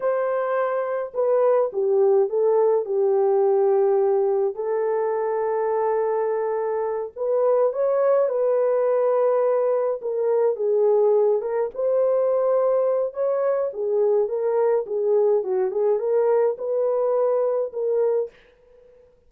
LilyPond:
\new Staff \with { instrumentName = "horn" } { \time 4/4 \tempo 4 = 105 c''2 b'4 g'4 | a'4 g'2. | a'1~ | a'8 b'4 cis''4 b'4.~ |
b'4. ais'4 gis'4. | ais'8 c''2~ c''8 cis''4 | gis'4 ais'4 gis'4 fis'8 gis'8 | ais'4 b'2 ais'4 | }